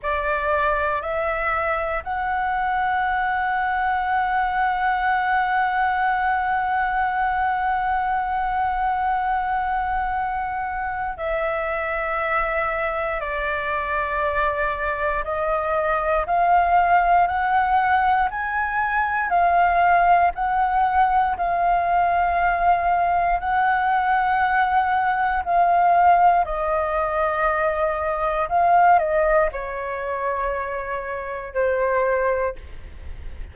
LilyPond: \new Staff \with { instrumentName = "flute" } { \time 4/4 \tempo 4 = 59 d''4 e''4 fis''2~ | fis''1~ | fis''2. e''4~ | e''4 d''2 dis''4 |
f''4 fis''4 gis''4 f''4 | fis''4 f''2 fis''4~ | fis''4 f''4 dis''2 | f''8 dis''8 cis''2 c''4 | }